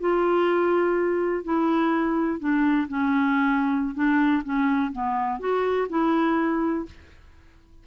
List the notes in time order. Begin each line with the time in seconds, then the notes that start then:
0.00 F4
1.44 E4
2.39 D4
2.88 C#4
3.95 D4
4.44 C#4
4.92 B3
5.39 F#4
5.89 E4